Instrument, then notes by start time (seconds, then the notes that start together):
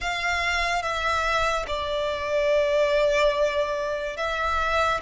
violin
0.00 F5
0.82 E5
1.67 D5
4.17 E5